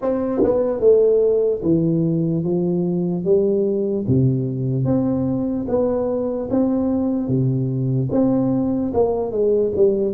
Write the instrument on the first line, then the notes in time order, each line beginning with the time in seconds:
tuba
0.01 C4
0.43 B3
0.80 A3
1.63 E3
2.43 F3
3.24 G3
4.07 C3
4.84 C4
5.68 B3
6.50 C4
7.28 C3
8.11 C4
8.93 A#3
9.31 G#3
9.75 G3